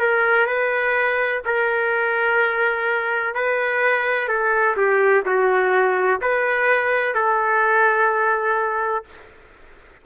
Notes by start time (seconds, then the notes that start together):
0.00 A#4
0.47 B4
1.46 A#4
3.35 B4
4.29 A4
4.77 G4
5.26 F#4
6.22 B4
7.15 A4